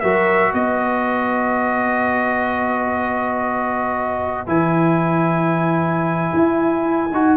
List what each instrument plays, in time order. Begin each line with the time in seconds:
0.00 tuba F#3, trombone F#4, horn A#4, trumpet E5
0.53 tuba B3, horn B4, trumpet D#5
4.47 tuba E3, trombone E4, trumpet G#5
6.34 tuba E4
7.12 tuba D#4, trombone F#4